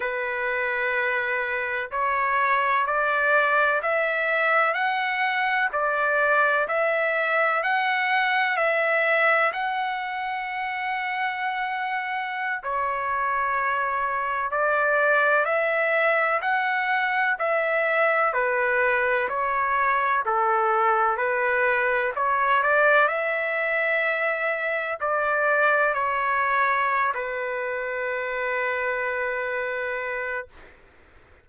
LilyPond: \new Staff \with { instrumentName = "trumpet" } { \time 4/4 \tempo 4 = 63 b'2 cis''4 d''4 | e''4 fis''4 d''4 e''4 | fis''4 e''4 fis''2~ | fis''4~ fis''16 cis''2 d''8.~ |
d''16 e''4 fis''4 e''4 b'8.~ | b'16 cis''4 a'4 b'4 cis''8 d''16~ | d''16 e''2 d''4 cis''8.~ | cis''8 b'2.~ b'8 | }